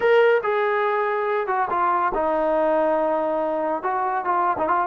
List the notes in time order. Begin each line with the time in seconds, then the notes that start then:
0.00 A#4
0.43 G#4
1.47 F#4
1.69 F4
2.14 D#4
3.82 F#4
4.24 F4
4.57 D#4
4.68 F4